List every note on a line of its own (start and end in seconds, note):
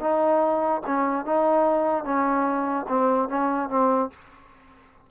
0.00 0.82 D#4
0.87 1.25 C#4
1.25 2.04 D#4
2.04 2.86 C#4
2.89 3.29 C4
3.29 3.69 C#4
3.69 4.10 C4